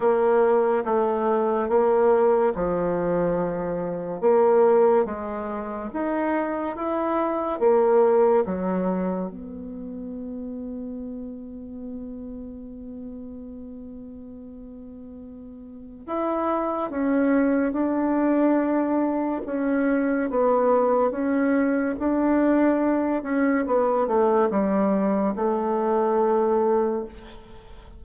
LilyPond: \new Staff \with { instrumentName = "bassoon" } { \time 4/4 \tempo 4 = 71 ais4 a4 ais4 f4~ | f4 ais4 gis4 dis'4 | e'4 ais4 fis4 b4~ | b1~ |
b2. e'4 | cis'4 d'2 cis'4 | b4 cis'4 d'4. cis'8 | b8 a8 g4 a2 | }